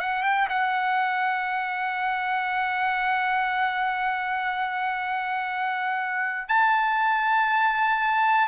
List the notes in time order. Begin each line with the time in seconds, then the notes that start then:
0.00 F#5
0.23 G5
0.49 F#5
6.48 A5